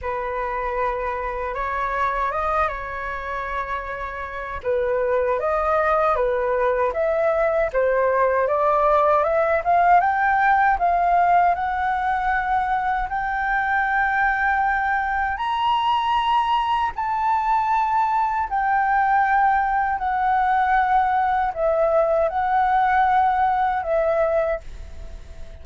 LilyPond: \new Staff \with { instrumentName = "flute" } { \time 4/4 \tempo 4 = 78 b'2 cis''4 dis''8 cis''8~ | cis''2 b'4 dis''4 | b'4 e''4 c''4 d''4 | e''8 f''8 g''4 f''4 fis''4~ |
fis''4 g''2. | ais''2 a''2 | g''2 fis''2 | e''4 fis''2 e''4 | }